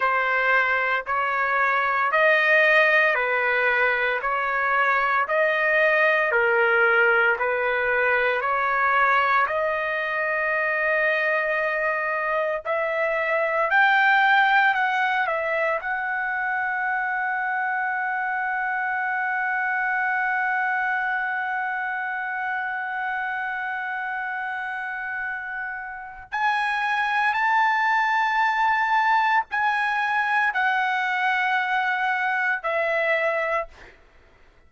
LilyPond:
\new Staff \with { instrumentName = "trumpet" } { \time 4/4 \tempo 4 = 57 c''4 cis''4 dis''4 b'4 | cis''4 dis''4 ais'4 b'4 | cis''4 dis''2. | e''4 g''4 fis''8 e''8 fis''4~ |
fis''1~ | fis''1~ | fis''4 gis''4 a''2 | gis''4 fis''2 e''4 | }